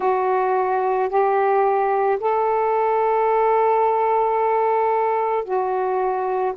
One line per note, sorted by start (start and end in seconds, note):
0.00 1.09 F#4
1.09 2.18 G4
2.20 5.44 A4
5.44 6.53 F#4